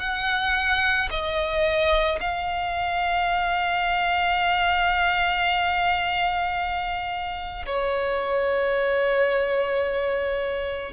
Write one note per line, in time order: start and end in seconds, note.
0.00 1.09 F#5
1.11 2.20 D#5
2.21 7.66 F5
7.67 10.94 C#5